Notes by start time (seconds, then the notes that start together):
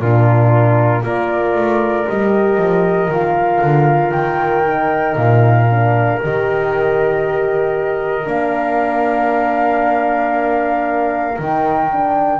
0.00 A#2 D4 F4 A#4
1.02 A#3 F4 A#4 D5
1.55 A3
2.08 G3 G4 D#5
2.58 F3
3.08 D#3 F4 F5
3.61 D3
4.12 D#3 G5
4.63 D#4
5.15 A#2 F5
5.70 D4
6.22 D#3 G4 D#5
8.25 A#3 D4 F5
11.38 D#3 D#4 G5
11.92 D4